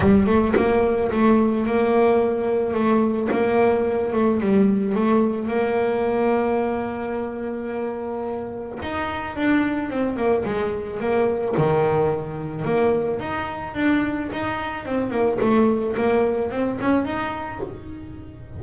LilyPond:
\new Staff \with { instrumentName = "double bass" } { \time 4/4 \tempo 4 = 109 g8 a8 ais4 a4 ais4~ | ais4 a4 ais4. a8 | g4 a4 ais2~ | ais1 |
dis'4 d'4 c'8 ais8 gis4 | ais4 dis2 ais4 | dis'4 d'4 dis'4 c'8 ais8 | a4 ais4 c'8 cis'8 dis'4 | }